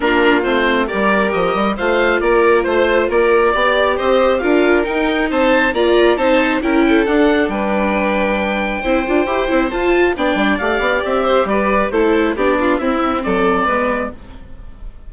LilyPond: <<
  \new Staff \with { instrumentName = "oboe" } { \time 4/4 \tempo 4 = 136 ais'4 c''4 d''4 dis''4 | f''4 d''4 c''4 d''4~ | d''4 dis''4 f''4 g''4 | a''4 ais''4 a''4 g''4 |
fis''4 g''2.~ | g''2 a''4 g''4 | f''4 e''4 d''4 c''4 | d''4 e''4 d''2 | }
  \new Staff \with { instrumentName = "violin" } { \time 4/4 f'2 ais'2 | c''4 ais'4 c''4 ais'4 | d''4 c''4 ais'2 | c''4 d''4 c''4 ais'8 a'8~ |
a'4 b'2. | c''2. d''4~ | d''4. c''8 b'4 a'4 | g'8 f'8 e'4 a'4 b'4 | }
  \new Staff \with { instrumentName = "viola" } { \time 4/4 d'4 c'4 g'2 | f'1 | g'2 f'4 dis'4~ | dis'4 f'4 dis'4 e'4 |
d'1 | e'8 f'8 g'8 e'8 f'4 d'4 | g'2. e'4 | d'4 c'2 b4 | }
  \new Staff \with { instrumentName = "bassoon" } { \time 4/4 ais4 a4 g4 f8 g8 | a4 ais4 a4 ais4 | b4 c'4 d'4 dis'4 | c'4 ais4 c'4 cis'4 |
d'4 g2. | c'8 d'8 e'8 c'8 f'4 b8 g8 | a8 b8 c'4 g4 a4 | b4 c'4 fis4 gis4 | }
>>